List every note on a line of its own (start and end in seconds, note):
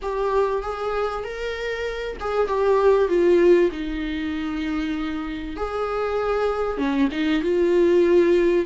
0.02 0.62 G4
0.62 1.24 G#4
1.24 2.16 A#4
2.20 2.47 G#4
2.47 3.08 G4
3.08 3.70 F4
3.71 5.56 D#4
5.56 6.77 G#4
6.77 7.08 C#4
7.11 7.42 D#4
7.42 8.65 F4